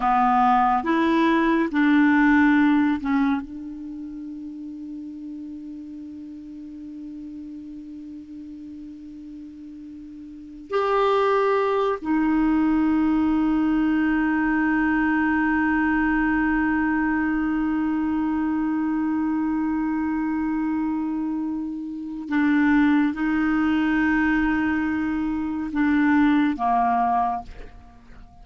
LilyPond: \new Staff \with { instrumentName = "clarinet" } { \time 4/4 \tempo 4 = 70 b4 e'4 d'4. cis'8 | d'1~ | d'1~ | d'8 g'4. dis'2~ |
dis'1~ | dis'1~ | dis'2 d'4 dis'4~ | dis'2 d'4 ais4 | }